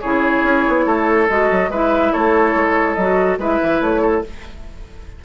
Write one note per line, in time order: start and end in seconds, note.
0.00 0.43 C#3
0.00 1.29 E4
0.00 0.85 G#4
0.00 1.27 C#5
0.43 0.64 C#4
0.68 0.85 B3
0.85 1.28 A3
0.85 1.70 A4
1.28 1.50 G#3
1.28 1.71 F#4
1.28 1.71 D#5
1.51 1.69 F#3
1.69 2.11 G#3
1.69 2.98 E4
1.69 2.12 B4
1.69 2.12 E5
2.12 2.54 A3
2.12 3.39 A4
2.12 2.94 C#5
2.54 2.97 G#3
2.94 3.38 F#3
2.94 3.39 F#4
2.94 3.36 D#5
3.38 3.59 G#3
3.38 4.24 E4
3.38 4.01 B4
3.38 3.82 E5
3.62 3.80 E3
3.80 4.23 A3
3.80 4.24 C#5
4.01 4.22 A4